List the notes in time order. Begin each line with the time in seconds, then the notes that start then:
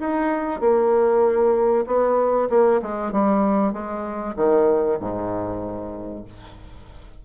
0.00 D#4
0.61 A#3
1.87 B3
2.50 A#3
2.82 G#3
3.12 G3
3.73 G#3
4.36 D#3
5.00 G#2